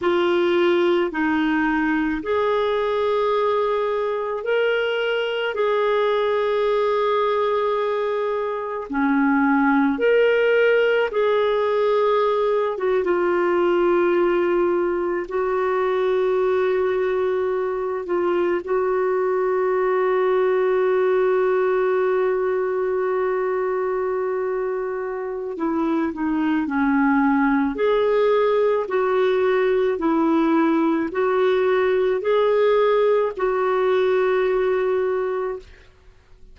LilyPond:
\new Staff \with { instrumentName = "clarinet" } { \time 4/4 \tempo 4 = 54 f'4 dis'4 gis'2 | ais'4 gis'2. | cis'4 ais'4 gis'4. fis'16 f'16~ | f'4.~ f'16 fis'2~ fis'16~ |
fis'16 f'8 fis'2.~ fis'16~ | fis'2. e'8 dis'8 | cis'4 gis'4 fis'4 e'4 | fis'4 gis'4 fis'2 | }